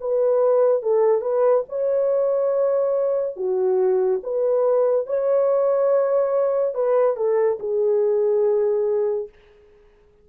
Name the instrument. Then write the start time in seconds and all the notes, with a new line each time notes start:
horn
0.00 B4
0.82 A4
1.21 B4
1.69 C#5
3.36 F#4
4.23 B4
5.06 C#5
6.74 B4
7.16 A4
7.59 G#4